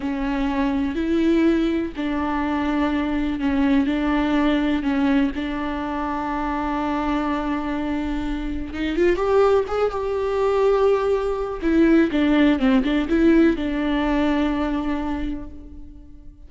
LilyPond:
\new Staff \with { instrumentName = "viola" } { \time 4/4 \tempo 4 = 124 cis'2 e'2 | d'2. cis'4 | d'2 cis'4 d'4~ | d'1~ |
d'2 dis'8 f'8 g'4 | gis'8 g'2.~ g'8 | e'4 d'4 c'8 d'8 e'4 | d'1 | }